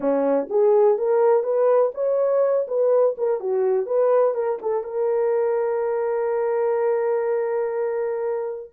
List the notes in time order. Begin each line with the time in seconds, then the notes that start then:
0.00 C#4
0.49 G#4
0.97 A#4
1.43 B4
1.94 C#5
2.67 B4
3.17 A#4
3.40 F#4
3.86 B4
4.34 A#4
4.62 A4
4.83 A#4